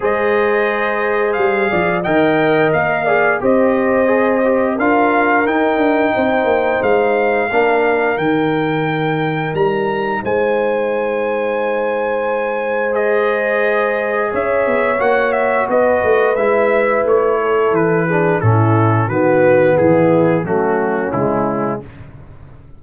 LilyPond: <<
  \new Staff \with { instrumentName = "trumpet" } { \time 4/4 \tempo 4 = 88 dis''2 f''4 g''4 | f''4 dis''2 f''4 | g''2 f''2 | g''2 ais''4 gis''4~ |
gis''2. dis''4~ | dis''4 e''4 fis''8 e''8 dis''4 | e''4 cis''4 b'4 a'4 | b'4 gis'4 fis'4 e'4 | }
  \new Staff \with { instrumentName = "horn" } { \time 4/4 c''2~ c''8 d''8 dis''4~ | dis''8 d''8 c''2 ais'4~ | ais'4 c''2 ais'4~ | ais'2. c''4~ |
c''1~ | c''4 cis''2 b'4~ | b'4. a'4 gis'8 e'4 | fis'4 e'4 cis'2 | }
  \new Staff \with { instrumentName = "trombone" } { \time 4/4 gis'2. ais'4~ | ais'8 gis'8 g'4 gis'8 g'8 f'4 | dis'2. d'4 | dis'1~ |
dis'2. gis'4~ | gis'2 fis'2 | e'2~ e'8 d'8 cis'4 | b2 a4 gis4 | }
  \new Staff \with { instrumentName = "tuba" } { \time 4/4 gis2 g8 f8 dis4 | ais4 c'2 d'4 | dis'8 d'8 c'8 ais8 gis4 ais4 | dis2 g4 gis4~ |
gis1~ | gis4 cis'8 b8 ais4 b8 a8 | gis4 a4 e4 a,4 | dis4 e4 fis4 cis4 | }
>>